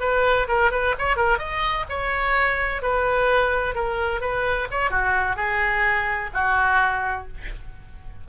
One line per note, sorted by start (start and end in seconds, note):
0.00 0.47 B4
0.48 0.71 A#4
0.71 0.95 B4
0.98 1.16 C#5
1.16 1.38 A#4
1.38 1.85 D#5
1.89 2.82 C#5
2.82 3.75 B4
3.75 4.21 A#4
4.21 4.68 B4
4.71 4.90 C#5
4.90 5.36 F#4
5.36 6.30 G#4
6.33 7.27 F#4